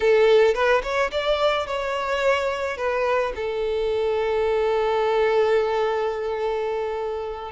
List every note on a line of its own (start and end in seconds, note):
0.00 0.54 A4
0.54 0.82 B4
0.83 1.10 C#5
1.11 1.66 D5
1.67 2.77 C#5
2.77 3.32 B4
3.35 7.51 A4